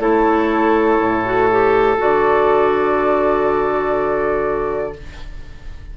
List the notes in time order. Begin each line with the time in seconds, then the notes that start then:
0.00 A3 E4 A4 C#5
0.99 A2
1.25 F#4
1.51 G4
1.98 D3 F#4 D5